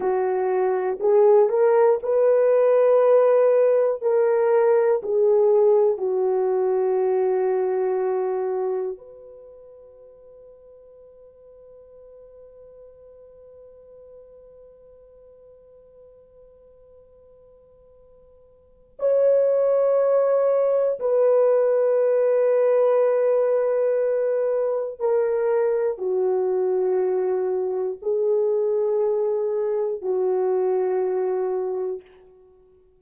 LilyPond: \new Staff \with { instrumentName = "horn" } { \time 4/4 \tempo 4 = 60 fis'4 gis'8 ais'8 b'2 | ais'4 gis'4 fis'2~ | fis'4 b'2.~ | b'1~ |
b'2. cis''4~ | cis''4 b'2.~ | b'4 ais'4 fis'2 | gis'2 fis'2 | }